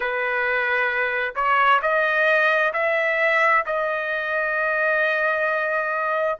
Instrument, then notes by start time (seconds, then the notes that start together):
trumpet
0.00 B4
1.35 C#5
1.82 D#5
2.73 E5
3.66 D#5